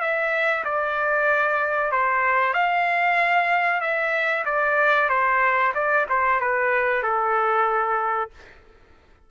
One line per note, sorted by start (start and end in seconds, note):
0.00 0.64 E5
0.64 1.91 D5
1.91 2.53 C5
2.53 3.80 F5
3.80 4.44 E5
4.45 5.09 D5
5.09 5.73 C5
5.74 6.06 D5
6.09 6.40 C5
6.40 7.03 B4
7.03 8.30 A4